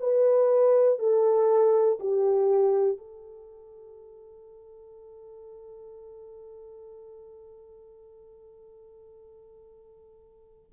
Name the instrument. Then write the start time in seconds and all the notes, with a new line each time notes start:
horn
0.00 B4
0.99 A4
2.00 G4
2.98 A4